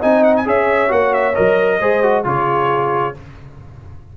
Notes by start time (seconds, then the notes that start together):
0.00 C4 D#4 D#5 G#5
0.24 F#5
0.37 G#5
0.46 C#4 G#4 C#5 E5
0.89 A#3 F#4 F#5
1.14 E5
1.35 F#3 A#4 D#5
1.80 G#3 G#4 C5
2.03 F#4
2.25 C#3 F4 G#4 C#5